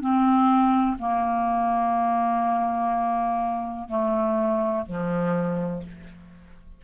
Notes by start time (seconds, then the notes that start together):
0.00 C4
0.99 A#3
3.88 A3
4.86 F3